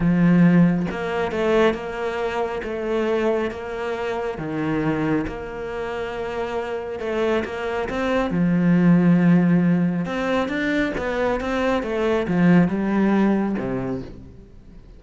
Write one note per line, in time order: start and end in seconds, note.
0.00 0.86 F3
0.91 1.31 A#3
1.31 1.74 A3
1.74 2.61 A#3
2.63 3.50 A3
3.51 4.38 A#3
4.38 5.25 D#3
5.27 6.99 A#3
6.99 7.43 A3
7.45 7.88 A#3
7.89 8.30 C4
8.30 10.05 F3
10.05 10.48 C4
10.48 10.92 D4
10.97 11.40 B3
11.40 11.82 C4
11.82 12.26 A3
12.27 12.67 F3
12.67 13.55 G3
13.58 14.01 C3